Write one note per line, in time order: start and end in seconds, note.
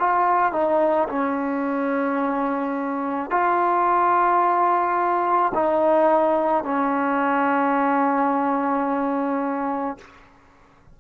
0.00 0.53 F4
0.53 1.09 D#4
1.10 3.31 C#4
3.31 5.53 F4
5.55 6.65 D#4
6.65 9.98 C#4